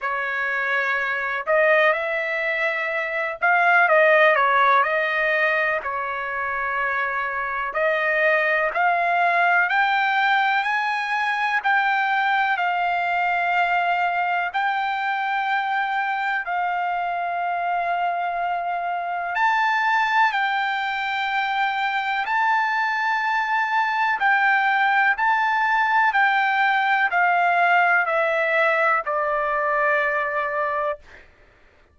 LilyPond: \new Staff \with { instrumentName = "trumpet" } { \time 4/4 \tempo 4 = 62 cis''4. dis''8 e''4. f''8 | dis''8 cis''8 dis''4 cis''2 | dis''4 f''4 g''4 gis''4 | g''4 f''2 g''4~ |
g''4 f''2. | a''4 g''2 a''4~ | a''4 g''4 a''4 g''4 | f''4 e''4 d''2 | }